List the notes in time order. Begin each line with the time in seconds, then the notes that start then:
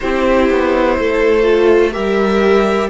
0.00 C4 E4 G4 C5
0.50 B3
0.99 A3 A4
1.43 F4
1.92 G3 G4 A#4 E5